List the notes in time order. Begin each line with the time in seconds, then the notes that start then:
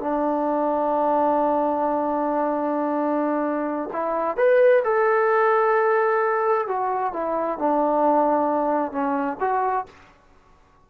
0.00 D4
3.93 E4
4.37 B4
4.84 A4
6.67 F#4
7.13 E4
7.58 D4
8.92 C#4
9.40 F#4